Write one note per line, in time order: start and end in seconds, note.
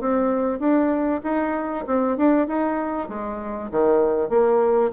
0.00 0.59 C4
0.59 1.21 D4
1.23 1.85 D#4
1.86 2.17 C4
2.17 2.47 D4
2.47 3.08 D#4
3.08 3.70 G#3
3.71 4.29 D#3
4.29 4.91 A#3